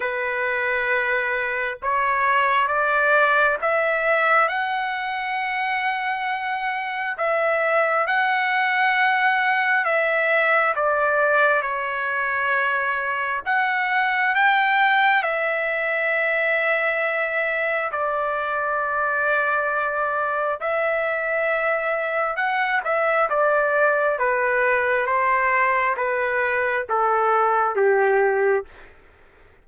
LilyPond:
\new Staff \with { instrumentName = "trumpet" } { \time 4/4 \tempo 4 = 67 b'2 cis''4 d''4 | e''4 fis''2. | e''4 fis''2 e''4 | d''4 cis''2 fis''4 |
g''4 e''2. | d''2. e''4~ | e''4 fis''8 e''8 d''4 b'4 | c''4 b'4 a'4 g'4 | }